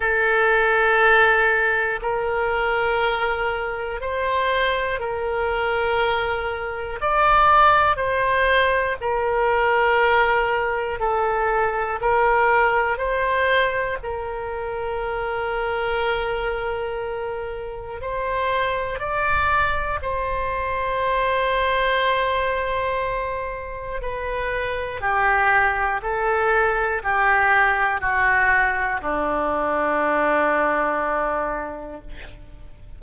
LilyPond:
\new Staff \with { instrumentName = "oboe" } { \time 4/4 \tempo 4 = 60 a'2 ais'2 | c''4 ais'2 d''4 | c''4 ais'2 a'4 | ais'4 c''4 ais'2~ |
ais'2 c''4 d''4 | c''1 | b'4 g'4 a'4 g'4 | fis'4 d'2. | }